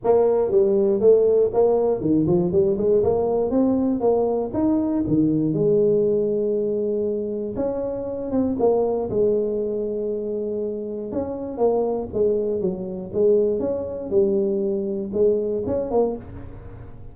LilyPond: \new Staff \with { instrumentName = "tuba" } { \time 4/4 \tempo 4 = 119 ais4 g4 a4 ais4 | dis8 f8 g8 gis8 ais4 c'4 | ais4 dis'4 dis4 gis4~ | gis2. cis'4~ |
cis'8 c'8 ais4 gis2~ | gis2 cis'4 ais4 | gis4 fis4 gis4 cis'4 | g2 gis4 cis'8 ais8 | }